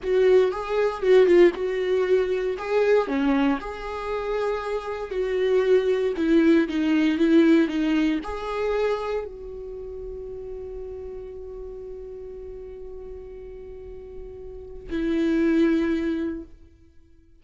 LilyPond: \new Staff \with { instrumentName = "viola" } { \time 4/4 \tempo 4 = 117 fis'4 gis'4 fis'8 f'8 fis'4~ | fis'4 gis'4 cis'4 gis'4~ | gis'2 fis'2 | e'4 dis'4 e'4 dis'4 |
gis'2 fis'2~ | fis'1~ | fis'1~ | fis'4 e'2. | }